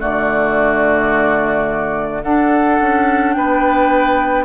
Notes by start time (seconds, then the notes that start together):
0.00 D3 A3 F#4 D5
2.23 D4 A4 F#5
2.80 C#4
3.34 B3 B4 G5